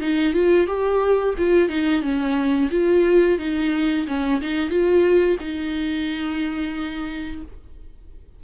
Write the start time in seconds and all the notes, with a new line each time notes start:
0.00 D#4
0.34 F4
0.67 G4
1.38 F4
1.69 D#4
2.02 C#4
2.71 F4
3.39 D#4
4.07 C#4
4.42 D#4
4.70 F4
5.40 D#4